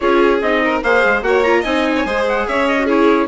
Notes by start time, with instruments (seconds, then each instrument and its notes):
0.00 bassoon C#4, viola F4, violin G#4, trumpet C#5
0.41 bassoon C4, viola D#4, trumpet D#5
0.64 violin A#4
0.83 bassoon A#3, viola G#4, violin C5, trumpet F5
1.05 bassoon G#3
1.22 bassoon A#3, viola F#4, violin C#5, trumpet F#5
1.43 viola F4, trumpet A#5
1.60 bassoon C4, viola D#4, violin D#5, trumpet G#5
1.96 violin C#5
2.05 bassoon G#3, viola G#4, violin C5
2.28 trumpet F#5
2.48 bassoon C#4, violin C#5, trumpet E5
2.67 trumpet D#5
2.78 viola F#4
2.85 viola E4, violin G#4, trumpet C#5